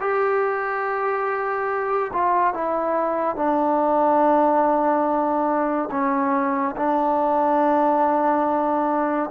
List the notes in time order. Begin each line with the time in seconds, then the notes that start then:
0.00 G4
2.13 F4
2.54 E4
3.36 D4
5.91 C#4
6.77 D4